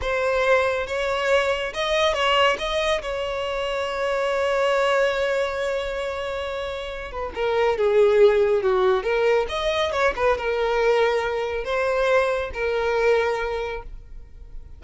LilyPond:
\new Staff \with { instrumentName = "violin" } { \time 4/4 \tempo 4 = 139 c''2 cis''2 | dis''4 cis''4 dis''4 cis''4~ | cis''1~ | cis''1~ |
cis''8 b'8 ais'4 gis'2 | fis'4 ais'4 dis''4 cis''8 b'8 | ais'2. c''4~ | c''4 ais'2. | }